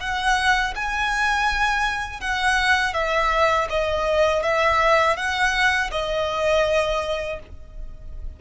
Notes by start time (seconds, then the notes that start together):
0.00 F#5
0.75 G#5
2.20 F#5
2.94 E5
3.69 D#5
4.43 E5
5.16 F#5
5.91 D#5